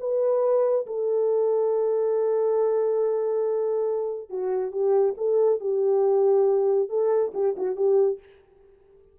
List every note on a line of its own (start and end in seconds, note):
0.00 0.86 B4
0.87 4.30 A4
4.30 4.72 F#4
4.72 5.15 G4
5.18 5.60 A4
5.60 6.89 G4
6.89 7.33 A4
7.34 7.56 G4
7.57 7.76 F#4
7.76 8.20 G4